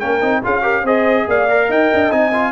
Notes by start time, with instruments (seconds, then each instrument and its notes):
0.00 tuba A#3, trombone C#4, horn A#4, trumpet G5
0.22 tuba C4, trombone D#4
0.43 tuba C#4, trombone F4, horn G#4, trumpet F5
0.62 trombone G4, horn A#4
0.84 tuba C4, trombone G#4, horn C5, trumpet D#5
1.28 tuba A#3, horn D5, trumpet F5
1.49 trombone A#4
1.68 tuba D#4, horn D#5, trumpet G5
1.94 tuba D4
2.11 tuba C4, trombone D#4, trumpet G#5
2.33 trombone F4